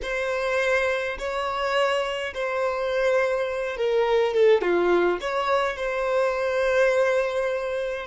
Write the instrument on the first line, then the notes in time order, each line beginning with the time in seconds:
violin
0.02 C5
1.18 C#5
2.33 C5
3.76 A#4
4.34 A4
4.61 F4
5.21 C#5
5.76 C5